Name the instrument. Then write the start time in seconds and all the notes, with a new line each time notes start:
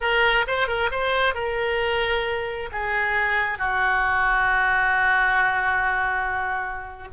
oboe
0.00 A#4
0.47 C5
0.67 A#4
0.91 C5
1.34 A#4
2.71 G#4
3.58 F#4